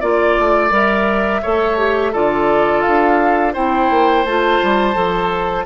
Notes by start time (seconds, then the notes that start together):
0.00 A#3 F4 D5
0.39 A3
0.71 G3 A#4 E5
1.42 A3 A4 C#5
1.77 G4
2.12 D3 F4 A4 D5
2.82 D4 F5
3.54 C4 E4 C5 G5
3.90 A#3
4.25 A3 F4 A5
4.63 G3
4.94 F3 A4